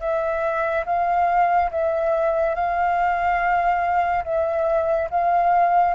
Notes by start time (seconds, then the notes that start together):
0.00 E5
0.86 F5
1.71 E5
2.55 F5
4.24 E5
5.10 F5